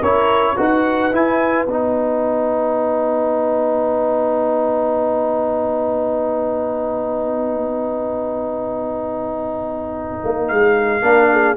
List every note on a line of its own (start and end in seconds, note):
0.00 0.57 C#4
0.00 0.56 E4
0.00 0.55 A#4
0.00 0.58 C#5
0.56 1.13 D#4
0.56 1.11 F#4
0.56 11.03 B4
0.56 1.15 F#5
1.12 1.67 E4
1.12 1.65 E4
1.12 1.65 G#5
1.65 10.18 B3
1.65 11.02 D#4
1.65 10.46 F#5
10.24 10.50 A#3
10.48 11.02 G#3
10.48 11.57 F5
11.02 11.57 A#3
11.02 11.57 D4
11.02 11.30 A#4
11.32 11.57 G#4